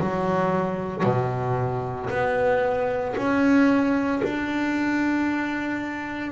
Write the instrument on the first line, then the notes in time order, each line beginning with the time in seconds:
double bass
0.00 F#3
1.04 B2
2.11 B3
3.17 C#4
4.24 D4